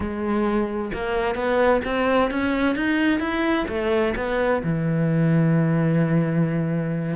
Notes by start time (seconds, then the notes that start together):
0.00 G#3
0.93 A#3
1.35 B3
1.84 C4
2.30 C#4
2.75 D#4
3.19 E4
3.68 A3
4.16 B3
4.63 E3